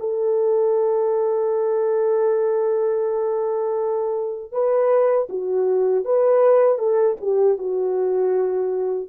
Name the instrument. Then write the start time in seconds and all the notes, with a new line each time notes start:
horn
0.00 A4
4.53 B4
5.30 F#4
6.06 B4
6.79 A4
7.21 G4
7.58 F#4